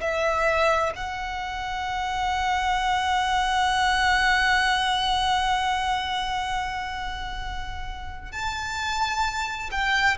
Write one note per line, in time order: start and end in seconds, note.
0.00 0.92 E5
0.95 8.32 F#5
8.32 9.70 A5
9.71 10.17 G5